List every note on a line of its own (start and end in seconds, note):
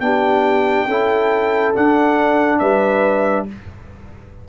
0.00 0.87 B3
0.00 0.88 D4
0.00 0.88 G4
0.00 1.74 G5
0.87 1.74 C#4
0.87 1.75 E4
0.87 2.60 A4
1.75 3.49 D4
1.75 2.61 D4
1.75 2.59 F#5
2.59 3.48 G3
2.59 3.47 B4
2.59 3.46 E5